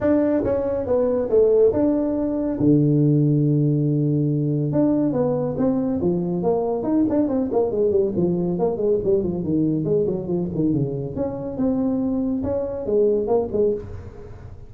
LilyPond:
\new Staff \with { instrumentName = "tuba" } { \time 4/4 \tempo 4 = 140 d'4 cis'4 b4 a4 | d'2 d2~ | d2. d'4 | b4 c'4 f4 ais4 |
dis'8 d'8 c'8 ais8 gis8 g8 f4 | ais8 gis8 g8 f8 dis4 gis8 fis8 | f8 dis8 cis4 cis'4 c'4~ | c'4 cis'4 gis4 ais8 gis8 | }